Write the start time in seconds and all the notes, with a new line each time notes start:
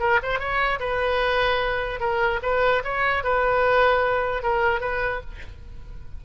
0.00 A#4
0.23 C5
0.40 C#5
0.80 B4
2.00 A#4
2.43 B4
2.85 C#5
3.24 B4
4.43 A#4
4.81 B4